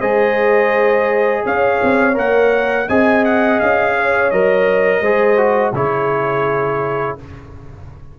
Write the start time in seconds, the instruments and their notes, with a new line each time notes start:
0.00 tuba G#3, trombone G#4, horn C5, trumpet D#5
1.45 tuba C#4, horn C#5, trumpet F5
1.83 tuba C4
2.14 tuba A#3, trombone A#4, trumpet F#5
2.88 tuba C4, trombone G#4, horn D#5, trumpet G#5
3.24 trumpet F#5
3.60 tuba C#4, trumpet F5
3.97 horn C#5
4.31 tuba F#3, trombone A#4, trumpet D#5
5.00 tuba G#3, trombone G#4, horn C5
5.37 trombone F#4
5.72 tuba C#3, trombone E4, horn G#4, trumpet C#5